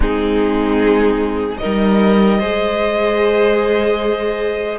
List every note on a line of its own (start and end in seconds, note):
0.00 1.58 G#3
0.00 1.57 C4
0.00 1.58 D#4
0.00 1.57 G#4
1.57 2.41 D#4
1.57 2.38 A#4
1.57 4.77 D#5
1.64 2.41 G3
2.38 4.79 G#3
2.38 4.79 G#4
2.38 4.78 C5